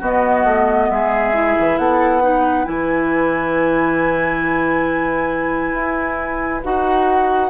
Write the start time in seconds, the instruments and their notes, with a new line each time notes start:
0.00 bassoon B3, clarinet B3, oboe F#4, flute D#5
0.45 bassoon A3
0.90 bassoon G#3, oboe G#4, flute E5
1.34 clarinet E4
1.59 bassoon E3
1.78 bassoon B3, oboe A4, flute F#5
2.22 clarinet D#4, oboe B4
2.65 bassoon E3, clarinet E4, flute G#5
5.74 bassoon E4
6.64 bassoon D#4, clarinet F#4, flute F#5